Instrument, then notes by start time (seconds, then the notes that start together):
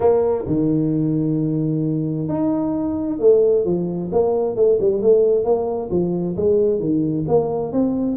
tuba
0.00 A#3
0.47 D#3
2.28 D#4
3.19 A3
3.64 F3
4.12 A#3
4.56 A3
4.80 G3
5.01 A3
5.44 A#3
5.90 F3
6.36 G#3
6.79 D#3
7.28 A#3
7.72 C4